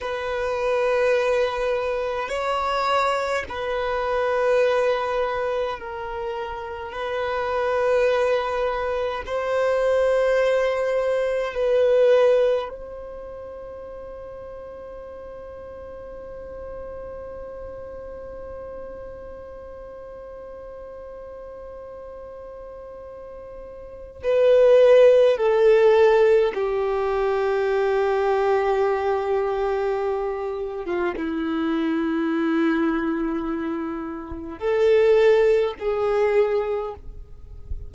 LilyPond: \new Staff \with { instrumentName = "violin" } { \time 4/4 \tempo 4 = 52 b'2 cis''4 b'4~ | b'4 ais'4 b'2 | c''2 b'4 c''4~ | c''1~ |
c''1~ | c''4 b'4 a'4 g'4~ | g'2~ g'8. f'16 e'4~ | e'2 a'4 gis'4 | }